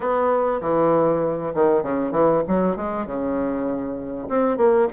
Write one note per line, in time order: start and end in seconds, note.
0.00 0.60 B3
0.61 1.53 E3
1.54 1.82 D#3
1.82 2.11 C#3
2.11 2.42 E3
2.47 2.76 F#3
2.76 3.06 G#3
3.06 4.28 C#3
4.28 4.57 C4
4.57 4.87 A#3